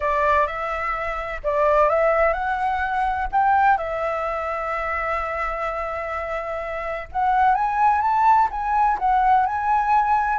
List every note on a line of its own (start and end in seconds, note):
0.00 0.46 D5
0.46 1.41 E5
1.43 1.89 D5
1.89 2.33 E5
2.33 3.27 F#5
3.32 3.77 G5
3.77 7.08 E5
7.11 7.54 F#5
7.54 8.01 G#5
8.01 8.48 A5
8.50 8.98 G#5
8.98 9.46 F#5
9.46 10.38 G#5